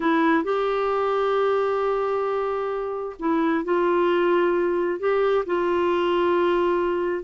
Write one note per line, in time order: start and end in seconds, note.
0.00 0.43 E4
0.43 3.16 G4
3.19 3.64 E4
3.64 4.99 F4
4.99 5.44 G4
5.45 7.23 F4